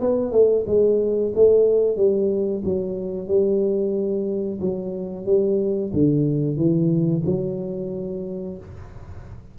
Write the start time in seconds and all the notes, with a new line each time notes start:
0.00 B3
0.31 A3
0.66 G#3
1.35 A3
1.96 G3
2.64 F#3
3.27 G3
4.60 F#3
5.25 G3
5.93 D3
6.56 E3
7.26 F#3